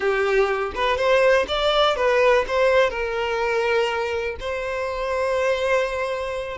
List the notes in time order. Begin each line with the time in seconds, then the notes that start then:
0.00 G4
0.74 B4
0.97 C5
1.48 D5
1.96 B4
2.47 C5
2.90 A#4
4.39 C5